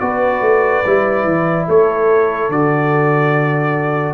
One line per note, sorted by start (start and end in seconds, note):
0.00 0.41 B3
0.00 0.84 F#4
0.00 1.68 B4
0.00 1.67 D5
0.41 0.83 A3
0.86 1.25 G3
0.86 2.52 E4
1.25 1.66 E3
1.68 2.49 A3
1.68 4.14 A4
1.68 2.51 C#5
2.49 4.14 D3
2.49 4.14 F#4
2.49 4.14 D5